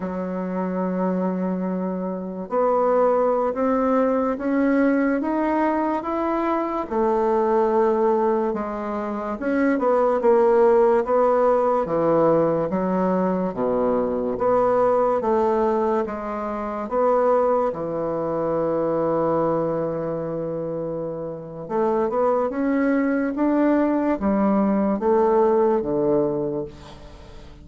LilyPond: \new Staff \with { instrumentName = "bassoon" } { \time 4/4 \tempo 4 = 72 fis2. b4~ | b16 c'4 cis'4 dis'4 e'8.~ | e'16 a2 gis4 cis'8 b16~ | b16 ais4 b4 e4 fis8.~ |
fis16 b,4 b4 a4 gis8.~ | gis16 b4 e2~ e8.~ | e2 a8 b8 cis'4 | d'4 g4 a4 d4 | }